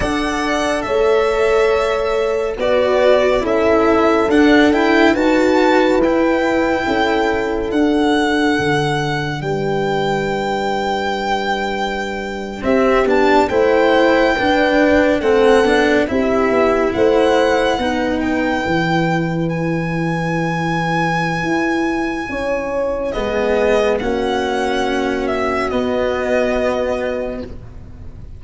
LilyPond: <<
  \new Staff \with { instrumentName = "violin" } { \time 4/4 \tempo 4 = 70 fis''4 e''2 d''4 | e''4 fis''8 g''8 a''4 g''4~ | g''4 fis''2 g''4~ | g''2~ g''8. e''8 a''8 g''16~ |
g''4.~ g''16 fis''4 e''4 fis''16~ | fis''4~ fis''16 g''4. gis''4~ gis''16~ | gis''2. dis''4 | fis''4. e''8 dis''2 | }
  \new Staff \with { instrumentName = "horn" } { \time 4/4 d''4 cis''2 b'4 | a'2 b'2 | a'2. b'4~ | b'2~ b'8. g'4 c''16~ |
c''8. b'4 a'4 g'4 c''16~ | c''8. b'2.~ b'16~ | b'2 cis''4 gis'4 | fis'1 | }
  \new Staff \with { instrumentName = "cello" } { \time 4/4 a'2. fis'4 | e'4 d'8 e'8 fis'4 e'4~ | e'4 d'2.~ | d'2~ d'8. c'8 d'8 e'16~ |
e'8. d'4 c'8 d'8 e'4~ e'16~ | e'8. dis'4 e'2~ e'16~ | e'2. b4 | cis'2 b2 | }
  \new Staff \with { instrumentName = "tuba" } { \time 4/4 d'4 a2 b4 | cis'4 d'4 dis'4 e'4 | cis'4 d'4 d4 g4~ | g2~ g8. c'8 b8 a16~ |
a8. d'4 a8 b8 c'8 b8 a16~ | a8. b4 e2~ e16~ | e4 e'4 cis'4 gis4 | ais2 b2 | }
>>